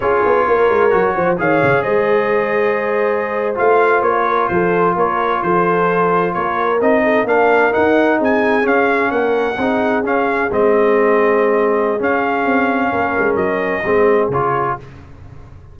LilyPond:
<<
  \new Staff \with { instrumentName = "trumpet" } { \time 4/4 \tempo 4 = 130 cis''2. f''4 | dis''2.~ dis''8. f''16~ | f''8. cis''4 c''4 cis''4 c''16~ | c''4.~ c''16 cis''4 dis''4 f''16~ |
f''8. fis''4 gis''4 f''4 fis''16~ | fis''4.~ fis''16 f''4 dis''4~ dis''16~ | dis''2 f''2~ | f''4 dis''2 cis''4 | }
  \new Staff \with { instrumentName = "horn" } { \time 4/4 gis'4 ais'4. c''8 cis''4 | c''1~ | c''4~ c''16 ais'8 a'4 ais'4 a'16~ | a'4.~ a'16 ais'4. a'8 ais'16~ |
ais'4.~ ais'16 gis'2 ais'16~ | ais'8. gis'2.~ gis'16~ | gis'1 | ais'2 gis'2 | }
  \new Staff \with { instrumentName = "trombone" } { \time 4/4 f'2 fis'4 gis'4~ | gis'2.~ gis'8. f'16~ | f'1~ | f'2~ f'8. dis'4 d'16~ |
d'8. dis'2 cis'4~ cis'16~ | cis'8. dis'4 cis'4 c'4~ c'16~ | c'2 cis'2~ | cis'2 c'4 f'4 | }
  \new Staff \with { instrumentName = "tuba" } { \time 4/4 cis'8 b8 ais8 gis8 fis8 f8 dis8 cis8 | gis2.~ gis8. a16~ | a8. ais4 f4 ais4 f16~ | f4.~ f16 ais4 c'4 ais16~ |
ais8. dis'4 c'4 cis'4 ais16~ | ais8. c'4 cis'4 gis4~ gis16~ | gis2 cis'4 c'4 | ais8 gis8 fis4 gis4 cis4 | }
>>